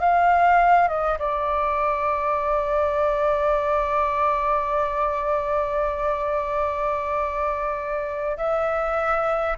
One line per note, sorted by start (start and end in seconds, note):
0.00 0.88 F5
0.88 1.18 D#5
1.19 8.37 D5
8.37 9.57 E5